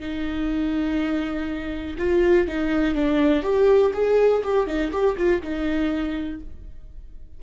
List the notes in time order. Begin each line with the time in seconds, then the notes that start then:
0.00 D#4
1.99 F4
2.48 D#4
2.95 D4
3.43 G4
3.94 G#4
4.44 G4
4.67 D#4
4.92 G4
5.17 F4
5.42 D#4